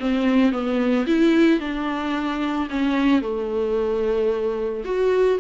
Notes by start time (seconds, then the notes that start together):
0.00 C4
0.52 B3
1.07 E4
1.60 D4
2.70 C#4
3.22 A3
4.85 F#4